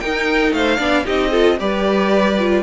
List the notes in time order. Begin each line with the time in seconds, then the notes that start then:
0.00 D#4 A#4 G5
0.52 A3 C5 F5
0.77 B3 D4 D5
1.05 C4 D#4 G4 D#5
1.31 F4 A4
1.59 G3 G4 B4 D5
2.39 F4